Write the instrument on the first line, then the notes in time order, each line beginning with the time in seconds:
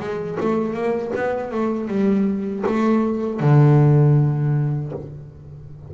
double bass
0.00 G#3
0.40 A3
0.74 A#3
1.16 B3
1.51 A3
1.88 G3
2.66 A3
3.40 D3